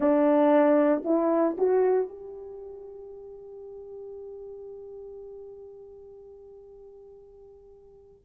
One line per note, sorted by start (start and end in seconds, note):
0.00 1.03 D4
1.04 1.56 E4
1.57 2.08 F#4
2.08 8.25 G4